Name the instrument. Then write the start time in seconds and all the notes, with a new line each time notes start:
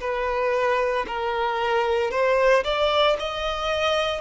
violin
0.00 B4
1.07 A#4
2.11 C5
2.64 D5
3.19 D#5